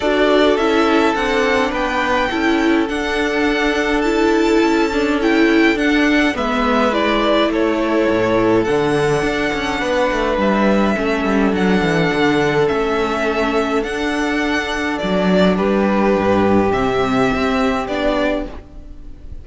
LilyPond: <<
  \new Staff \with { instrumentName = "violin" } { \time 4/4 \tempo 4 = 104 d''4 e''4 fis''4 g''4~ | g''4 fis''2 a''4~ | a''4 g''4 fis''4 e''4 | d''4 cis''2 fis''4~ |
fis''2 e''2 | fis''2 e''2 | fis''2 d''4 b'4~ | b'4 e''2 d''4 | }
  \new Staff \with { instrumentName = "violin" } { \time 4/4 a'2. b'4 | a'1~ | a'2. b'4~ | b'4 a'2.~ |
a'4 b'2 a'4~ | a'1~ | a'2. g'4~ | g'1 | }
  \new Staff \with { instrumentName = "viola" } { \time 4/4 fis'4 e'4 d'2 | e'4 d'2 e'4~ | e'8 d'8 e'4 d'4 b4 | e'2. d'4~ |
d'2. cis'4 | d'2 cis'2 | d'1~ | d'4 c'2 d'4 | }
  \new Staff \with { instrumentName = "cello" } { \time 4/4 d'4 cis'4 c'4 b4 | cis'4 d'2. | cis'2 d'4 gis4~ | gis4 a4 a,4 d4 |
d'8 cis'8 b8 a8 g4 a8 g8 | fis8 e8 d4 a2 | d'2 fis4 g4 | g,4 c4 c'4 b4 | }
>>